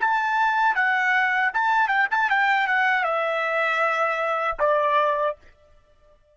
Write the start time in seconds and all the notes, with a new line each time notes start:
0.00 A5
0.75 F#5
1.53 A5
1.88 G5
2.11 A5
2.30 G5
2.67 F#5
3.03 E5
4.59 D5